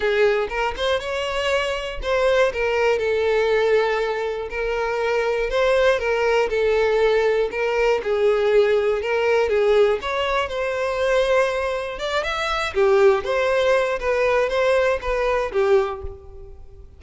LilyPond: \new Staff \with { instrumentName = "violin" } { \time 4/4 \tempo 4 = 120 gis'4 ais'8 c''8 cis''2 | c''4 ais'4 a'2~ | a'4 ais'2 c''4 | ais'4 a'2 ais'4 |
gis'2 ais'4 gis'4 | cis''4 c''2. | d''8 e''4 g'4 c''4. | b'4 c''4 b'4 g'4 | }